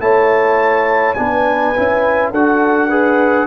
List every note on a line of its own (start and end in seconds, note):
0.00 1.15 A3
0.00 1.16 E4
0.00 1.18 C#5
0.00 1.14 A5
1.14 1.77 B3
1.14 1.75 D4
1.14 2.32 B4
1.14 2.30 G#5
1.77 2.32 C#4
1.77 2.34 E4
2.32 3.47 D4
2.32 2.91 F#4
2.32 2.88 A4
2.32 3.47 F#5
2.88 3.47 G#4
2.88 3.46 B4